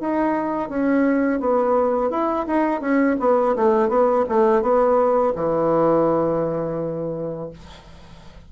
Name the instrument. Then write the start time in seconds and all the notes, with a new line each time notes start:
bassoon
0.00 D#4
0.69 C#4
1.40 B3
2.10 E4
2.46 D#4
2.81 C#4
3.19 B3
3.56 A3
3.89 B3
4.29 A3
4.62 B3
5.35 E3